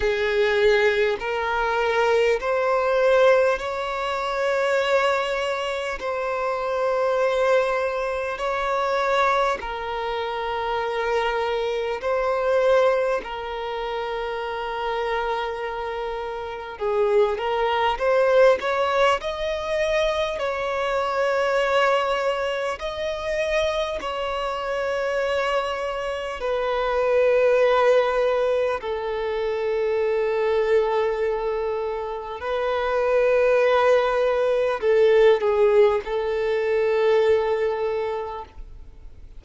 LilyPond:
\new Staff \with { instrumentName = "violin" } { \time 4/4 \tempo 4 = 50 gis'4 ais'4 c''4 cis''4~ | cis''4 c''2 cis''4 | ais'2 c''4 ais'4~ | ais'2 gis'8 ais'8 c''8 cis''8 |
dis''4 cis''2 dis''4 | cis''2 b'2 | a'2. b'4~ | b'4 a'8 gis'8 a'2 | }